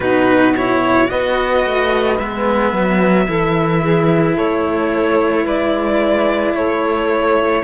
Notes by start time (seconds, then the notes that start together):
0.00 B2 D#4 F#4 B4
0.56 E4 C#5
1.07 B3 F#4 B4 D#5
1.65 A3
2.18 G#3 B3 E5
2.72 F#3
3.26 E3 E4 A4
3.82 G#4
4.35 A3 A4 C#5
5.43 G#3 B4 D5
6.53 A3 A4 C#5